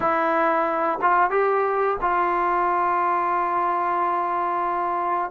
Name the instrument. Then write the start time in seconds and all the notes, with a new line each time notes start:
trombone
0.00 E4
1.01 F4
1.30 G4
2.01 F4